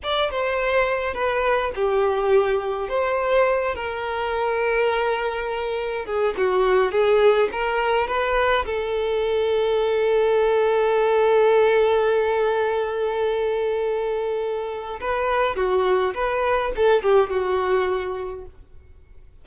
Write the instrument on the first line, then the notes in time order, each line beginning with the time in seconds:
violin
0.03 D5
0.30 C5
1.14 B4
1.75 G4
2.88 C5
3.75 A#4
6.05 G#4
6.37 F#4
6.91 G#4
7.52 A#4
8.07 B4
8.65 A4
15.00 B4
15.56 F#4
16.14 B4
16.75 A4
17.02 G4
17.29 F#4